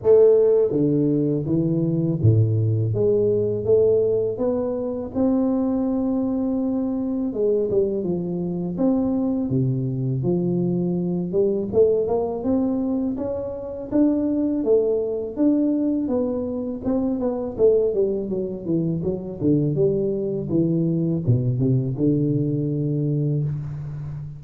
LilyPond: \new Staff \with { instrumentName = "tuba" } { \time 4/4 \tempo 4 = 82 a4 d4 e4 a,4 | gis4 a4 b4 c'4~ | c'2 gis8 g8 f4 | c'4 c4 f4. g8 |
a8 ais8 c'4 cis'4 d'4 | a4 d'4 b4 c'8 b8 | a8 g8 fis8 e8 fis8 d8 g4 | e4 b,8 c8 d2 | }